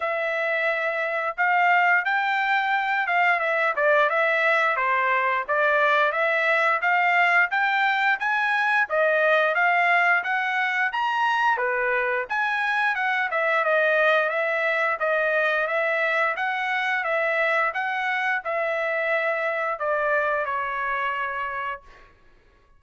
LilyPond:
\new Staff \with { instrumentName = "trumpet" } { \time 4/4 \tempo 4 = 88 e''2 f''4 g''4~ | g''8 f''8 e''8 d''8 e''4 c''4 | d''4 e''4 f''4 g''4 | gis''4 dis''4 f''4 fis''4 |
ais''4 b'4 gis''4 fis''8 e''8 | dis''4 e''4 dis''4 e''4 | fis''4 e''4 fis''4 e''4~ | e''4 d''4 cis''2 | }